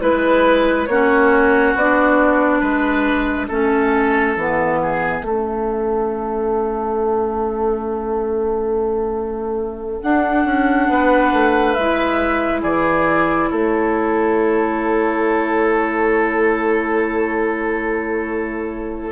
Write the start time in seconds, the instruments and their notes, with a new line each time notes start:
0.00 bassoon G#3, clarinet E4, flute B4, oboe B4
0.87 bassoon A#3, clarinet C#4, oboe F#4, flute C#5
1.75 bassoon B3, clarinet D4, flute D5
2.60 bassoon G#3, oboe B4, flute E5
3.49 bassoon A3, clarinet C#4, oboe A4
4.37 bassoon E3, clarinet B3
4.83 oboe G#4
5.22 bassoon A3, clarinet C#4, oboe A4
10.02 clarinet D4, bassoon D4, flute F#5
10.45 bassoon C#4
10.89 bassoon B3, oboe B4
11.33 bassoon A3
11.74 bassoon G#3, clarinet E4, flute E5
12.62 bassoon E3, oboe G#4, flute D5
13.49 bassoon A3, oboe A4, flute C#5